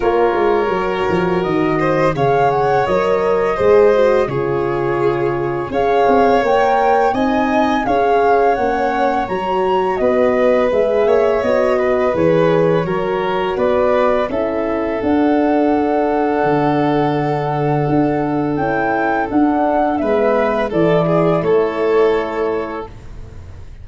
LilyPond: <<
  \new Staff \with { instrumentName = "flute" } { \time 4/4 \tempo 4 = 84 cis''2 dis''4 f''8 fis''8 | dis''2 cis''2 | f''4 g''4 gis''4 f''4 | fis''4 ais''4 dis''4 e''4 |
dis''4 cis''2 d''4 | e''4 fis''2.~ | fis''2 g''4 fis''4 | e''4 d''4 cis''2 | }
  \new Staff \with { instrumentName = "violin" } { \time 4/4 ais'2~ ais'8 c''8 cis''4~ | cis''4 c''4 gis'2 | cis''2 dis''4 cis''4~ | cis''2 b'4. cis''8~ |
cis''8 b'4. ais'4 b'4 | a'1~ | a'1 | b'4 a'8 gis'8 a'2 | }
  \new Staff \with { instrumentName = "horn" } { \time 4/4 f'4 fis'2 gis'4 | ais'4 gis'8 fis'8 f'2 | gis'4 ais'4 dis'4 gis'4 | cis'4 fis'2 gis'4 |
fis'4 gis'4 fis'2 | e'4 d'2.~ | d'2 e'4 d'4 | b4 e'2. | }
  \new Staff \with { instrumentName = "tuba" } { \time 4/4 ais8 gis8 fis8 f8 dis4 cis4 | fis4 gis4 cis2 | cis'8 c'8 ais4 c'4 cis'4 | ais4 fis4 b4 gis8 ais8 |
b4 e4 fis4 b4 | cis'4 d'2 d4~ | d4 d'4 cis'4 d'4 | gis4 e4 a2 | }
>>